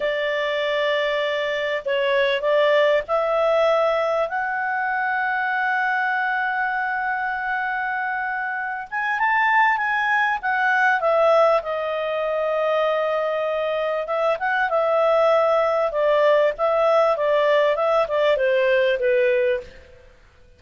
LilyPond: \new Staff \with { instrumentName = "clarinet" } { \time 4/4 \tempo 4 = 98 d''2. cis''4 | d''4 e''2 fis''4~ | fis''1~ | fis''2~ fis''8 gis''8 a''4 |
gis''4 fis''4 e''4 dis''4~ | dis''2. e''8 fis''8 | e''2 d''4 e''4 | d''4 e''8 d''8 c''4 b'4 | }